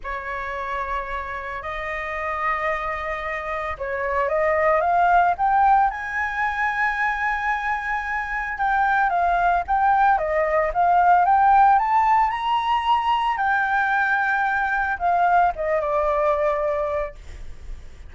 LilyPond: \new Staff \with { instrumentName = "flute" } { \time 4/4 \tempo 4 = 112 cis''2. dis''4~ | dis''2. cis''4 | dis''4 f''4 g''4 gis''4~ | gis''1 |
g''4 f''4 g''4 dis''4 | f''4 g''4 a''4 ais''4~ | ais''4 g''2. | f''4 dis''8 d''2~ d''8 | }